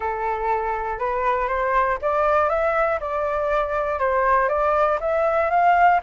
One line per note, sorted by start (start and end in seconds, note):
0.00 0.99 A4
0.99 1.47 B4
1.47 1.97 C5
2.01 2.49 D5
2.49 2.99 E5
3.00 3.99 D5
3.99 4.48 C5
4.48 4.98 D5
5.00 5.50 E5
5.50 6.00 F5